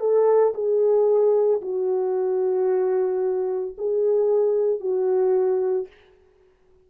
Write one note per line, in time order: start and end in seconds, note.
0.00 0.54 A4
0.55 1.62 G#4
1.62 3.76 F#4
3.78 4.80 G#4
4.80 5.88 F#4